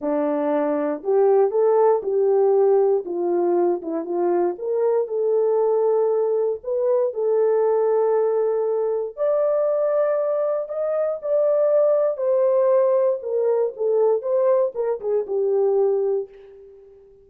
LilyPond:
\new Staff \with { instrumentName = "horn" } { \time 4/4 \tempo 4 = 118 d'2 g'4 a'4 | g'2 f'4. e'8 | f'4 ais'4 a'2~ | a'4 b'4 a'2~ |
a'2 d''2~ | d''4 dis''4 d''2 | c''2 ais'4 a'4 | c''4 ais'8 gis'8 g'2 | }